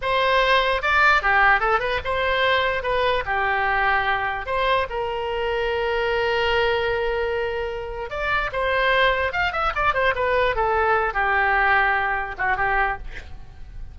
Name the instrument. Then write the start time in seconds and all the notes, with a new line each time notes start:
oboe
0.01 C5
0.82 D5
1.22 G4
1.60 A4
1.79 B4
2.04 C5
2.82 B4
3.25 G4
4.46 C5
4.89 A#4
8.10 D5
8.52 C5
9.32 F5
9.52 E5
9.75 D5
9.93 C5
10.15 B4
10.55 A4
11.13 G4
12.38 F#4
12.57 G4